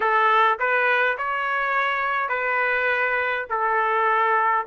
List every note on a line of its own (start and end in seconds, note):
0.00 0.58 A4
0.59 1.17 B4
1.17 2.29 C#5
2.29 3.45 B4
3.49 4.65 A4